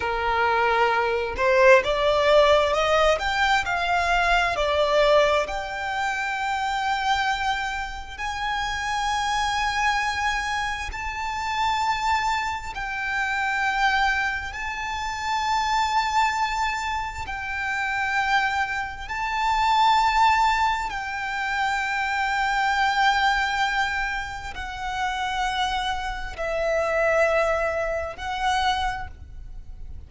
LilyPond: \new Staff \with { instrumentName = "violin" } { \time 4/4 \tempo 4 = 66 ais'4. c''8 d''4 dis''8 g''8 | f''4 d''4 g''2~ | g''4 gis''2. | a''2 g''2 |
a''2. g''4~ | g''4 a''2 g''4~ | g''2. fis''4~ | fis''4 e''2 fis''4 | }